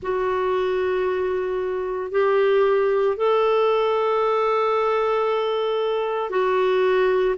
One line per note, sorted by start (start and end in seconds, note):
0.02 2.11 F#4
2.11 3.16 G4
3.16 6.30 A4
6.30 7.35 F#4